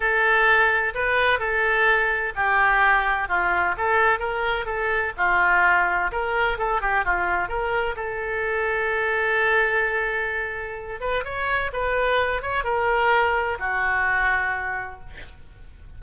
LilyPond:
\new Staff \with { instrumentName = "oboe" } { \time 4/4 \tempo 4 = 128 a'2 b'4 a'4~ | a'4 g'2 f'4 | a'4 ais'4 a'4 f'4~ | f'4 ais'4 a'8 g'8 f'4 |
ais'4 a'2.~ | a'2.~ a'8 b'8 | cis''4 b'4. cis''8 ais'4~ | ais'4 fis'2. | }